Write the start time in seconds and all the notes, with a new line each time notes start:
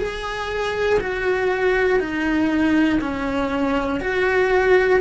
0.00 G#4
1.00 F#4
2.00 D#4
3.01 C#4
4.01 F#4